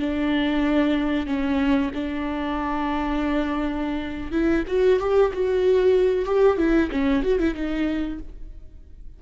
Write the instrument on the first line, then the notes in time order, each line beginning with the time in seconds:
viola
0.00 D4
1.27 C#4
1.94 D4
4.32 E4
4.67 F#4
5.00 G4
5.33 F#4
6.26 G4
6.58 E4
6.91 C#4
7.23 F#4
7.39 E4
7.55 D#4